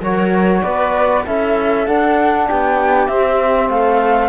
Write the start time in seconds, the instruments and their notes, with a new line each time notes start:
0.00 cello F#3, trombone F#4, viola A#4, flute C#5
0.63 cello B3, viola B4, flute D5
1.25 cello C#4, trombone E4, viola A4, flute E5
1.87 trombone D4, cello D4, flute F#5
2.49 cello B3, viola G4, flute G5
3.07 cello C4, trombone C4, flute E5
3.69 cello A3, viola A4, flute F5